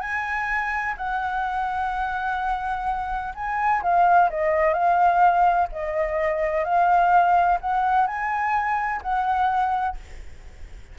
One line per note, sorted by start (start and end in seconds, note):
0.00 0.94 G#5
0.97 3.33 F#5
3.35 3.82 G#5
3.82 4.29 F5
4.30 4.73 D#5
4.73 5.68 F5
5.72 6.64 D#5
6.64 7.58 F5
7.60 8.07 F#5
8.07 9.01 G#5
9.02 9.96 F#5